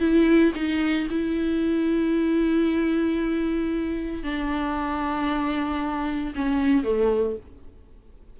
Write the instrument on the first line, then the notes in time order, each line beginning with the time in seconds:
viola
0.00 E4
0.55 D#4
1.11 E4
4.23 D4
6.36 C#4
6.84 A3